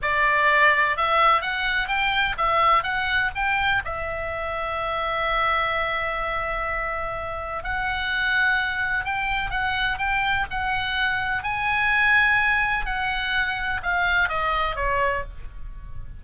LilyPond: \new Staff \with { instrumentName = "oboe" } { \time 4/4 \tempo 4 = 126 d''2 e''4 fis''4 | g''4 e''4 fis''4 g''4 | e''1~ | e''1 |
fis''2. g''4 | fis''4 g''4 fis''2 | gis''2. fis''4~ | fis''4 f''4 dis''4 cis''4 | }